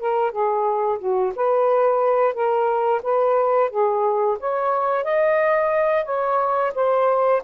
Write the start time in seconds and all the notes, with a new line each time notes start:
0.00 A#4
0.32 G#4
0.99 F#4
1.36 B4
2.34 A#4
3.03 B4
3.70 G#4
4.40 C#5
5.04 D#5
6.05 C#5
6.75 C5